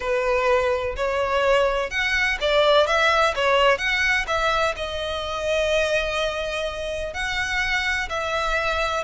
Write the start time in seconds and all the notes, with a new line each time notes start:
0.00 B4
0.96 C#5
1.90 F#5
2.40 D5
2.86 E5
3.35 C#5
3.77 F#5
4.27 E5
4.76 D#5
7.13 F#5
8.09 E5